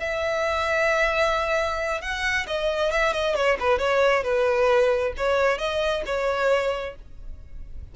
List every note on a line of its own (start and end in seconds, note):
0.00 2.01 E5
2.01 2.46 F#5
2.47 2.92 D#5
2.92 3.13 E5
3.13 3.35 D#5
3.35 3.58 C#5
3.60 3.79 B4
3.79 4.24 C#5
4.24 5.13 B4
5.17 5.58 C#5
5.58 6.03 D#5
6.06 6.95 C#5